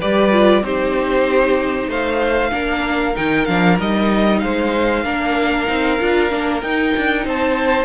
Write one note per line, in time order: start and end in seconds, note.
0.00 0.62 G3
0.00 0.32 G4
0.00 0.63 B4
0.00 0.64 D5
0.32 0.63 F4
0.62 1.88 C4
0.62 2.52 D#4
0.62 1.88 G4
0.62 1.91 C5
1.88 2.51 A3
1.88 2.51 C5
1.88 3.17 F5
2.52 3.16 A#3
2.52 3.15 D4
2.52 4.41 A#4
3.15 3.49 D#3
3.15 3.47 D#4
3.15 3.45 G5
3.45 3.79 F3
3.45 3.79 D4
3.45 3.77 F5
3.79 4.42 G3
3.79 5.05 D#4
3.79 4.40 D#5
4.40 5.05 G#3
4.40 5.05 C5
4.40 6.61 F5
5.05 5.68 A#3
5.05 5.67 D4
5.05 7.25 A#4
5.67 6.00 C4
5.67 5.98 D#4
6.01 6.32 D4
6.01 6.30 F4
6.30 6.63 A#3
6.30 6.62 D4
6.62 6.94 D#4
6.62 7.85 D#4
6.62 7.26 G5
6.97 7.26 D4
7.25 7.85 C4
7.25 7.85 C5
7.25 7.85 A5